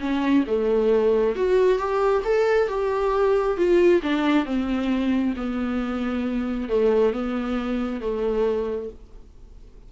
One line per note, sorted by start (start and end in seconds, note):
0.00 0.44 C#4
0.47 1.36 A3
1.36 1.78 F#4
1.78 2.23 G4
2.25 2.68 A4
2.68 3.57 G4
3.57 4.02 F4
4.03 4.45 D4
4.45 5.34 C4
5.36 6.69 B3
6.69 7.13 A3
7.13 8.01 B3
8.01 8.89 A3